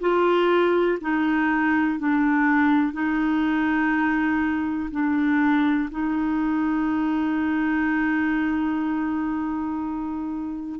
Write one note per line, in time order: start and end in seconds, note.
0.00 0.98 F4
1.01 1.99 D#4
1.99 2.93 D4
2.93 4.90 D#4
4.90 5.89 D4
5.90 10.80 D#4